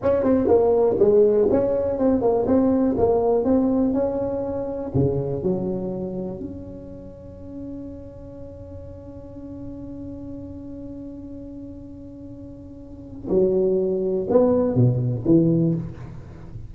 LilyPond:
\new Staff \with { instrumentName = "tuba" } { \time 4/4 \tempo 4 = 122 cis'8 c'8 ais4 gis4 cis'4 | c'8 ais8 c'4 ais4 c'4 | cis'2 cis4 fis4~ | fis4 cis'2.~ |
cis'1~ | cis'1~ | cis'2. fis4~ | fis4 b4 b,4 e4 | }